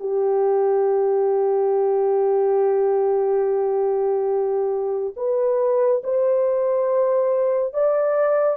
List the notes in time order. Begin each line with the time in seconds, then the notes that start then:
0.00 G4
5.17 B4
6.04 C5
7.74 D5